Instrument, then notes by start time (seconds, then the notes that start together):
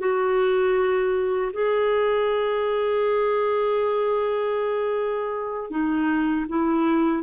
clarinet
0.00 F#4
1.53 G#4
5.70 D#4
6.49 E4